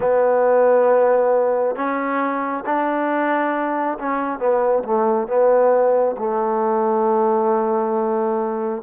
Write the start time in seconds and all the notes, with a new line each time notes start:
0.00 B3
1.75 C#4
2.65 D4
3.98 C#4
4.39 B3
4.83 A3
5.27 B3
6.17 A3